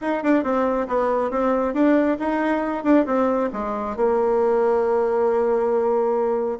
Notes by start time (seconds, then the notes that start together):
0.01 D#4
0.23 D4
0.43 C4
0.87 B3
1.30 C4
1.73 D4
2.19 D#4
2.83 D4
3.06 C4
3.52 G#3
3.96 A#3